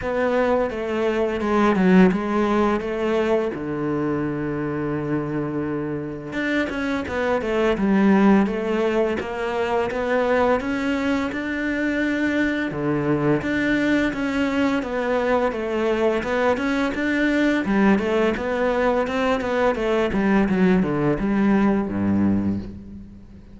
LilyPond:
\new Staff \with { instrumentName = "cello" } { \time 4/4 \tempo 4 = 85 b4 a4 gis8 fis8 gis4 | a4 d2.~ | d4 d'8 cis'8 b8 a8 g4 | a4 ais4 b4 cis'4 |
d'2 d4 d'4 | cis'4 b4 a4 b8 cis'8 | d'4 g8 a8 b4 c'8 b8 | a8 g8 fis8 d8 g4 g,4 | }